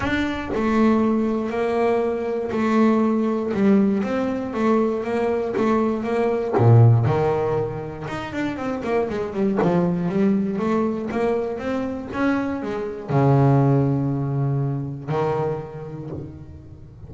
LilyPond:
\new Staff \with { instrumentName = "double bass" } { \time 4/4 \tempo 4 = 119 d'4 a2 ais4~ | ais4 a2 g4 | c'4 a4 ais4 a4 | ais4 ais,4 dis2 |
dis'8 d'8 c'8 ais8 gis8 g8 f4 | g4 a4 ais4 c'4 | cis'4 gis4 cis2~ | cis2 dis2 | }